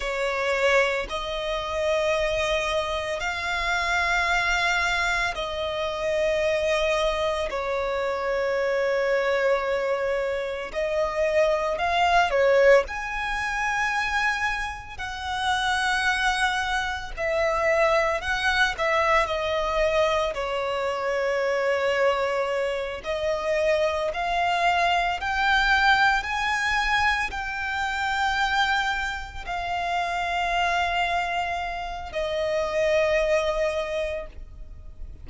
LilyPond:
\new Staff \with { instrumentName = "violin" } { \time 4/4 \tempo 4 = 56 cis''4 dis''2 f''4~ | f''4 dis''2 cis''4~ | cis''2 dis''4 f''8 cis''8 | gis''2 fis''2 |
e''4 fis''8 e''8 dis''4 cis''4~ | cis''4. dis''4 f''4 g''8~ | g''8 gis''4 g''2 f''8~ | f''2 dis''2 | }